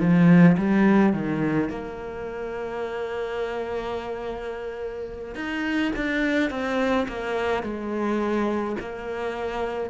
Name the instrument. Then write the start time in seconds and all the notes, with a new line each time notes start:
cello
0.00 F3
0.58 G3
1.13 D#3
1.70 A#3
5.35 D#4
5.96 D4
6.50 C4
7.09 A#3
7.63 G#3
8.80 A#3